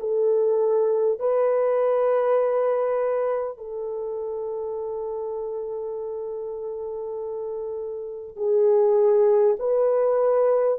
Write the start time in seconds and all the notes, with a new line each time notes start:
0.00 A4
1.19 B4
3.57 A4
8.36 G#4
9.59 B4